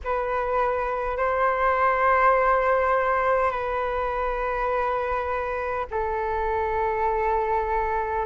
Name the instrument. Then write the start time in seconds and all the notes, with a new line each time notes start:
flute
0.03 B4
1.17 C5
3.50 B4
5.90 A4